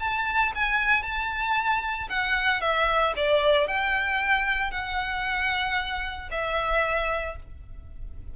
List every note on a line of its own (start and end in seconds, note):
0.00 0.53 A5
0.55 1.03 G#5
1.03 2.08 A5
2.10 2.61 F#5
2.61 3.14 E5
3.17 3.68 D5
3.68 4.71 G5
4.71 6.29 F#5
6.31 7.37 E5